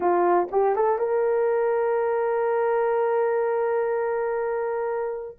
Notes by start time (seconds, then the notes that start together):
0.00 F4
0.51 G4
0.75 A4
0.98 A#4